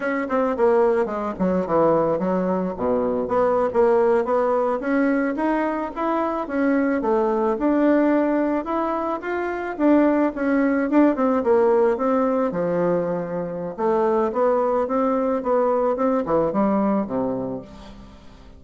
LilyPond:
\new Staff \with { instrumentName = "bassoon" } { \time 4/4 \tempo 4 = 109 cis'8 c'8 ais4 gis8 fis8 e4 | fis4 b,4 b8. ais4 b16~ | b8. cis'4 dis'4 e'4 cis'16~ | cis'8. a4 d'2 e'16~ |
e'8. f'4 d'4 cis'4 d'16~ | d'16 c'8 ais4 c'4 f4~ f16~ | f4 a4 b4 c'4 | b4 c'8 e8 g4 c4 | }